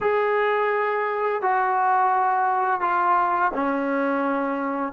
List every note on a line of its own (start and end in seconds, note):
0.00 1.41 G#4
1.41 2.80 F#4
2.80 3.51 F4
3.54 4.92 C#4